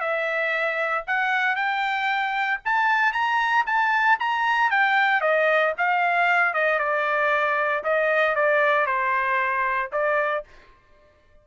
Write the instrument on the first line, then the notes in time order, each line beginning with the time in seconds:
trumpet
0.00 E5
1.06 F#5
1.56 G5
2.65 A5
3.13 A#5
3.66 A5
4.19 A#5
4.70 G5
5.21 D#5
5.77 F5
6.53 D#5
6.79 D5
7.84 D#5
8.35 D5
8.86 C5
9.92 D5